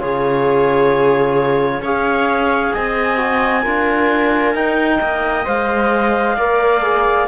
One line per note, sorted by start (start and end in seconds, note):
0.00 1.80 C#3
0.00 1.82 F4
0.00 1.82 G#4
0.00 1.82 C#5
1.80 2.71 C#4
1.80 3.17 G#4
1.80 2.73 C#5
1.80 2.73 F5
2.73 3.66 C4
2.73 3.62 D#5
2.73 4.55 G#5
3.17 3.62 F#4
3.62 4.54 D4
3.62 4.54 F4
3.62 4.98 A#4
4.54 5.00 D#4
4.54 5.45 D#4
4.54 5.46 G5
5.01 5.46 A#3
5.01 6.36 D#5
5.45 6.37 G#3
5.45 6.35 C5
5.45 7.28 F5
6.36 7.28 A#3
6.36 6.82 A#4
6.36 7.27 D5
6.82 7.28 G#4